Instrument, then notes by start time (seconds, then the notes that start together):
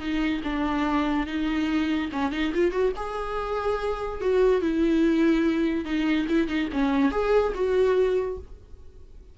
viola
0.00 D#4
0.44 D4
1.27 D#4
2.12 C#4
2.32 D#4
2.55 F4
2.72 F#4
2.96 G#4
4.22 F#4
4.62 E4
5.85 D#4
6.29 E4
6.48 D#4
6.73 C#4
7.12 G#4
7.55 F#4